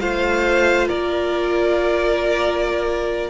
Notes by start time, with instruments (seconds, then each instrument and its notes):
0.00 cello A3, viola F4, violin C5 F5
0.89 cello A#3, violin A#4 D5